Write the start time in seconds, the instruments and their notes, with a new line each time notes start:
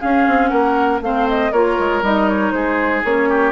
0.00 clarinet C#4, bassoon C#4, oboe G#4, flute F5
0.27 bassoon C4
0.48 bassoon A#3, oboe A#4, flute F#5
1.01 bassoon A3, clarinet C4, oboe C5, flute F5
1.28 flute D#5
1.52 bassoon A#3, clarinet F4, oboe A#4, flute C#5
1.79 bassoon G#3
2.02 bassoon G3, clarinet D#4, flute D#5
2.28 flute C#5
2.51 bassoon G#3, oboe G#4, flute C5
3.04 bassoon A#3, clarinet C#4, flute C#5
3.29 oboe G4